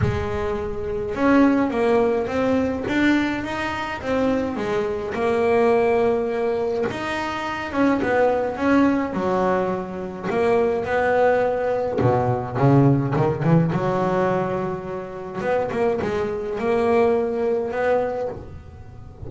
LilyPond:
\new Staff \with { instrumentName = "double bass" } { \time 4/4 \tempo 4 = 105 gis2 cis'4 ais4 | c'4 d'4 dis'4 c'4 | gis4 ais2. | dis'4. cis'8 b4 cis'4 |
fis2 ais4 b4~ | b4 b,4 cis4 dis8 e8 | fis2. b8 ais8 | gis4 ais2 b4 | }